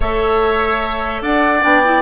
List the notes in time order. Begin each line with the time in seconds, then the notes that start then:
0.00 A3 A4 C#5 E5
1.21 D4 D5 F#5
1.61 B3 D4 G5
1.84 E4